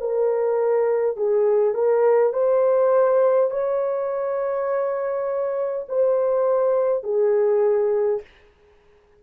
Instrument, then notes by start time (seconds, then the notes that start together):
horn
0.00 A#4
1.16 G#4
1.74 A#4
2.33 C5
3.50 C#5
5.89 C5
7.03 G#4